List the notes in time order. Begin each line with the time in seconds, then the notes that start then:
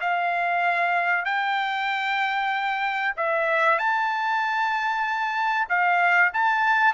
0.00 F5
1.25 G5
3.16 E5
3.78 A5
5.69 F5
6.33 A5